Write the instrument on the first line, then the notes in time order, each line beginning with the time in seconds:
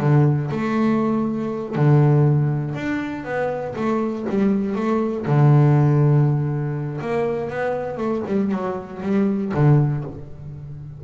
double bass
0.00 D3
0.51 A3
1.75 D3
2.74 D4
3.25 B3
3.76 A3
4.30 G3
4.75 A3
5.26 D3
7.01 A#3
7.50 B3
7.97 A3
8.26 G3
8.51 F#3
9.02 G3
9.54 D3